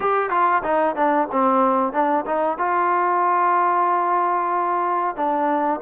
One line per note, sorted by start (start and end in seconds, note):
0.00 0.30 G4
0.30 0.62 F4
0.63 0.95 D#4
0.95 1.28 D4
1.31 1.92 C4
1.92 2.24 D4
2.26 2.58 D#4
2.58 5.16 F4
5.16 5.80 D4